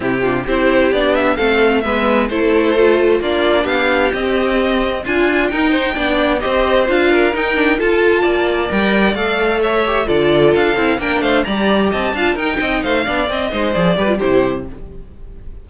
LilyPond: <<
  \new Staff \with { instrumentName = "violin" } { \time 4/4 \tempo 4 = 131 g'4 c''4 d''8 e''8 f''4 | e''4 c''2 d''4 | f''4 dis''2 gis''4 | g''2 dis''4 f''4 |
g''4 a''2 g''4 | f''4 e''4 d''4 f''4 | g''8 f''8 ais''4 a''4 g''4 | f''4 dis''4 d''4 c''4 | }
  \new Staff \with { instrumentName = "violin" } { \time 4/4 e'8 f'8 g'2 a'4 | b'4 a'2 f'4 | g'2. f'4 | ais'8 c''8 d''4 c''4. ais'8~ |
ais'4 a'4 d''2~ | d''4 cis''4 a'2 | ais'8 c''8 d''4 dis''8 f''8 ais'8 dis''8 | c''8 d''4 c''4 b'8 g'4 | }
  \new Staff \with { instrumentName = "viola" } { \time 4/4 c'8 d'8 e'4 d'4 c'4 | b4 e'4 f'4 d'4~ | d'4 c'2 f'4 | dis'4 d'4 g'4 f'4 |
dis'8 d'8 f'2 ais'4 | a'4. g'8 f'4. e'8 | d'4 g'4. f'8 dis'4~ | dis'8 d'8 c'8 dis'8 gis'8 g'16 f'16 e'4 | }
  \new Staff \with { instrumentName = "cello" } { \time 4/4 c4 c'4 b4 a4 | gis4 a2 ais4 | b4 c'2 d'4 | dis'4 b4 c'4 d'4 |
dis'4 f'4 ais4 g4 | a2 d4 d'8 c'8 | ais8 a8 g4 c'8 d'8 dis'8 c'8 | a8 b8 c'8 gis8 f8 g8 c4 | }
>>